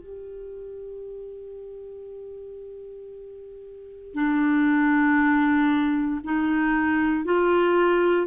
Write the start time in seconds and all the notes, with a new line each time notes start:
0.00 G4
4.14 D4
6.24 D#4
7.25 F4